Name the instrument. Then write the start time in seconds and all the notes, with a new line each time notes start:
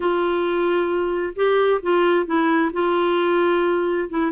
clarinet
0.00 F4
1.35 G4
1.82 F4
2.25 E4
2.73 F4
4.09 E4